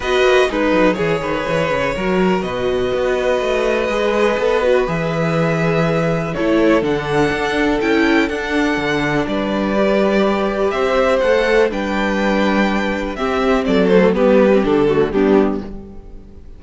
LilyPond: <<
  \new Staff \with { instrumentName = "violin" } { \time 4/4 \tempo 4 = 123 dis''4 b'4 cis''2~ | cis''4 dis''2.~ | dis''2 e''2~ | e''4 cis''4 fis''2 |
g''4 fis''2 d''4~ | d''2 e''4 fis''4 | g''2. e''4 | d''8 c''8 b'4 a'4 g'4 | }
  \new Staff \with { instrumentName = "violin" } { \time 4/4 b'4 dis'4 gis'8 b'4. | ais'4 b'2.~ | b'1~ | b'4 a'2.~ |
a'2. b'4~ | b'2 c''2 | b'2. g'4 | a'4 g'4. fis'8 d'4 | }
  \new Staff \with { instrumentName = "viola" } { \time 4/4 fis'4 gis'2. | fis'1 | gis'4 a'8 fis'8 gis'2~ | gis'4 e'4 d'2 |
e'4 d'2. | g'2. a'4 | d'2. c'4~ | c'8 a8 b8. c'16 d'8 a8 b4 | }
  \new Staff \with { instrumentName = "cello" } { \time 4/4 b8 ais8 gis8 fis8 e8 dis8 e8 cis8 | fis4 b,4 b4 a4 | gis4 b4 e2~ | e4 a4 d4 d'4 |
cis'4 d'4 d4 g4~ | g2 c'4 a4 | g2. c'4 | fis4 g4 d4 g4 | }
>>